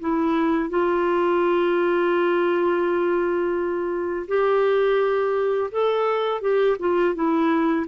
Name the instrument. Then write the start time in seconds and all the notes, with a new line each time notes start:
clarinet
0.00 E4
0.69 F4
4.27 G4
5.71 A4
6.41 G4
6.79 F4
7.15 E4